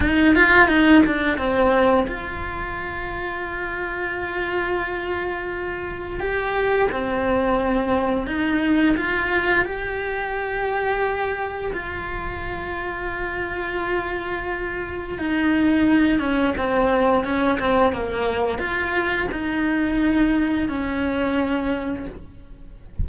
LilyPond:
\new Staff \with { instrumentName = "cello" } { \time 4/4 \tempo 4 = 87 dis'8 f'8 dis'8 d'8 c'4 f'4~ | f'1~ | f'4 g'4 c'2 | dis'4 f'4 g'2~ |
g'4 f'2.~ | f'2 dis'4. cis'8 | c'4 cis'8 c'8 ais4 f'4 | dis'2 cis'2 | }